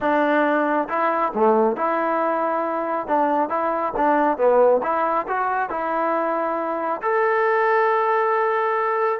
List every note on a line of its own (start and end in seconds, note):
0.01 0.88 D4
0.88 1.32 E4
1.34 1.76 A3
1.76 3.07 E4
3.07 3.49 D4
3.49 3.93 E4
3.96 4.37 D4
4.37 4.81 B3
4.82 5.26 E4
5.27 5.69 F#4
5.69 7.01 E4
7.02 9.19 A4